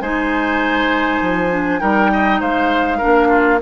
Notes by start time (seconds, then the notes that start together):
0.00 G#3 D#4 C5 G#5
1.21 F3
1.49 D4
1.79 G3 D#4 A#4 G5
2.12 D#5
2.40 G#3 C5 F5
2.97 D4 A#4
3.05 A#3
3.28 F4